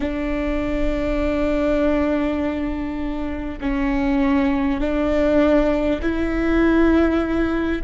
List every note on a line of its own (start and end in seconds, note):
0.00 3.59 D4
3.60 4.80 C#4
4.80 6.00 D4
6.02 7.82 E4